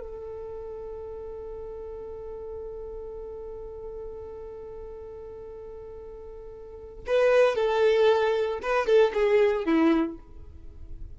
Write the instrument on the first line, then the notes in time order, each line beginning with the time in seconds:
violin
0.00 A4
7.07 B4
7.56 A4
8.62 B4
8.87 A4
9.14 G#4
9.66 E4